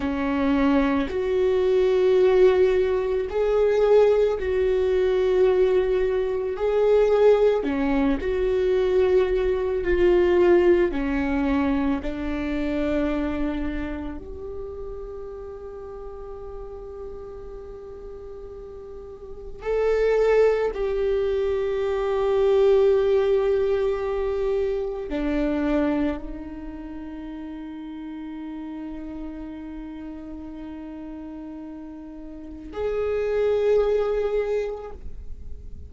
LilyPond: \new Staff \with { instrumentName = "viola" } { \time 4/4 \tempo 4 = 55 cis'4 fis'2 gis'4 | fis'2 gis'4 cis'8 fis'8~ | fis'4 f'4 cis'4 d'4~ | d'4 g'2.~ |
g'2 a'4 g'4~ | g'2. d'4 | dis'1~ | dis'2 gis'2 | }